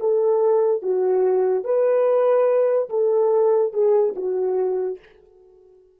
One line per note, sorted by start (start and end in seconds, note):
0.00 0.82 A4
0.82 1.64 F#4
1.64 2.89 B4
2.90 3.73 A4
3.73 4.15 G#4
4.16 4.99 F#4